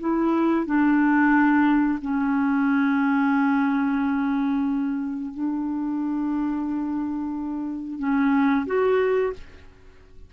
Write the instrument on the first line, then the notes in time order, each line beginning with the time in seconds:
clarinet
0.00 E4
0.66 D4
2.02 C#4
5.34 D4
7.99 C#4
8.66 F#4